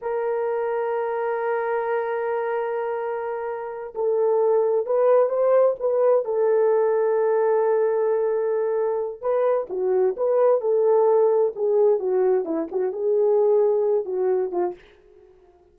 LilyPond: \new Staff \with { instrumentName = "horn" } { \time 4/4 \tempo 4 = 130 ais'1~ | ais'1~ | ais'8 a'2 b'4 c''8~ | c''8 b'4 a'2~ a'8~ |
a'1 | b'4 fis'4 b'4 a'4~ | a'4 gis'4 fis'4 e'8 fis'8 | gis'2~ gis'8 fis'4 f'8 | }